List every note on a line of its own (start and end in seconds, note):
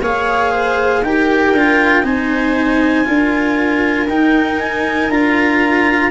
0.00 1.02 A#3
0.00 1.04 G#4
0.00 0.51 C#5
0.00 1.03 F5
0.51 1.01 C5
1.02 1.53 D#4
1.02 1.56 G4
1.02 2.05 A#4
1.02 2.04 G5
1.53 2.03 D4
1.53 2.03 F4
2.03 3.05 C4
2.03 3.04 D#4
2.03 3.07 C5
2.03 4.08 G#5
3.04 4.08 D4
3.04 4.06 F4
3.04 6.10 A#4
4.08 5.08 D#4
4.08 5.11 D#4
4.08 4.59 G5
4.59 5.10 G#5
5.08 6.10 D4
5.08 6.10 F4
5.08 6.10 A#5